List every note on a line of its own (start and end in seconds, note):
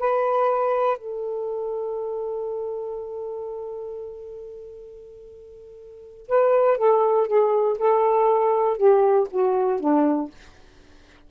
0.00 0.98 B4
0.98 6.28 A4
6.28 6.78 B4
6.78 7.27 A4
7.27 7.78 G#4
7.79 8.78 A4
8.78 9.28 G4
9.31 9.80 F#4
9.80 10.31 D4